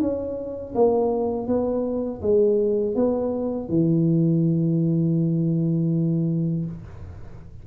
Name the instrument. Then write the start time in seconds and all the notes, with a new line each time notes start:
tuba
0.00 C#4
0.75 A#3
1.47 B3
2.22 G#3
2.95 B3
3.69 E3